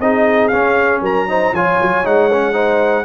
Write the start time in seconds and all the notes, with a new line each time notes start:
0.00 C4 D#4 G#4 D#5
0.48 C#4 F5
1.01 F#3 A#4 A#5
1.28 D#4 C5
1.52 F3 F4 C#5 G#5
1.81 F#3
2.04 G#3 D#4 F#5
2.32 C#4
2.53 D#4 C5